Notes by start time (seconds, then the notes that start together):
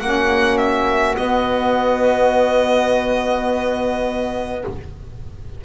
0.00 A#3 C#4 F#4 F#5
0.58 E5
1.15 B3 D#5